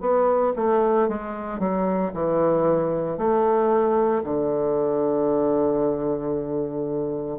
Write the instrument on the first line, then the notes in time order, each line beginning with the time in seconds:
bassoon
0.00 B3
0.56 A3
1.08 G#3
1.59 F#3
2.13 E3
3.17 A3
4.23 D3